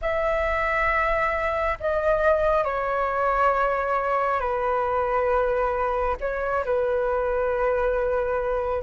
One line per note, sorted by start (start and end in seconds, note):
0.01 1.78 E5
1.79 2.64 D#5
2.64 4.40 C#5
4.40 6.16 B4
6.20 6.64 C#5
6.64 8.82 B4